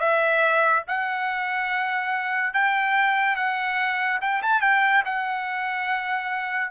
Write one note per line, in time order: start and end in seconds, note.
0.00 0.83 E5
0.88 2.54 F#5
2.54 3.37 G5
3.37 4.20 F#5
4.22 4.42 G5
4.43 4.62 A5
4.62 5.03 G5
5.06 6.72 F#5